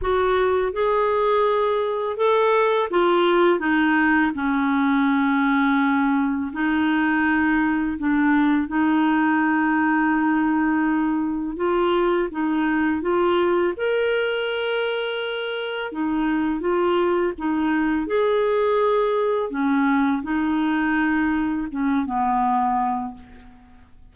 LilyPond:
\new Staff \with { instrumentName = "clarinet" } { \time 4/4 \tempo 4 = 83 fis'4 gis'2 a'4 | f'4 dis'4 cis'2~ | cis'4 dis'2 d'4 | dis'1 |
f'4 dis'4 f'4 ais'4~ | ais'2 dis'4 f'4 | dis'4 gis'2 cis'4 | dis'2 cis'8 b4. | }